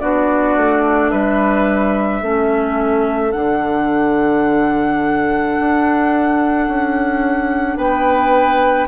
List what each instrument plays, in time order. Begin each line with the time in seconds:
0.00 bassoon B3, clarinet D4, oboe F#4, flute D5
0.56 bassoon A3
1.10 bassoon G3, oboe B4, flute E5
2.22 bassoon A3, clarinet C#4, oboe A4
3.32 bassoon D3, clarinet D4, flute F#5
5.60 bassoon D4
6.68 bassoon C#4
7.77 bassoon B3, oboe B4, flute G5